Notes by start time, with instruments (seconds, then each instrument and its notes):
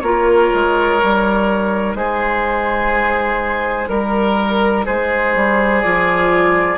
0.00 bassoon A#3, clarinet F4, oboe A#4, flute C#5
0.54 bassoon G#3
1.00 bassoon G3, clarinet D#4
1.94 bassoon G#3, oboe G#4, flute C5
3.88 bassoon G3, flute A#4, oboe A#4
4.85 bassoon G#3, oboe G#4, flute C5
5.35 bassoon G3
5.81 bassoon F3, clarinet F4, flute D5